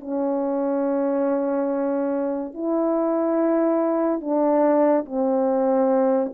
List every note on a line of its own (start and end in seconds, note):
0.00 2.54 C#4
2.54 4.20 E4
4.20 5.05 D4
5.05 6.32 C4